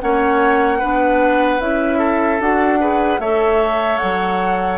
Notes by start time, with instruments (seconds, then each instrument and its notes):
0.00 bassoon A#3, clarinet C#4, oboe C#5, flute F#5
0.79 bassoon B3, clarinet D4, oboe B4
1.60 bassoon C#4, clarinet E4, flute E5
1.99 oboe A4
2.40 bassoon D4, clarinet F#4, flute F#5
2.80 clarinet G#4, oboe B4
3.20 bassoon A3, clarinet A4, oboe C#5, flute E5
3.98 bassoon F#3, flute F#5